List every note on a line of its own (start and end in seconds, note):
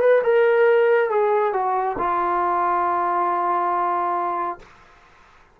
0.00 0.22 B4
0.23 1.09 A#4
1.09 1.53 G#4
1.53 1.96 F#4
1.98 4.59 F4